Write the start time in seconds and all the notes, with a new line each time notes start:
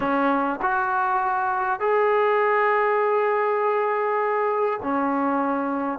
0.00 C#4
0.62 F#4
1.80 G#4
4.82 C#4